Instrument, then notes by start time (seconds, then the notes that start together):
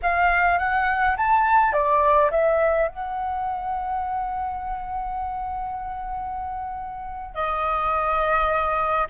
flute
0.02 F5
0.58 F#5
1.16 A5
1.72 D5
2.30 E5
2.88 F#5
7.34 D#5